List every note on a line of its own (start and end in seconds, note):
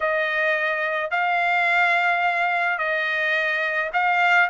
0.00 1.10 D#5
1.10 2.78 F5
2.78 3.90 D#5
3.93 4.49 F5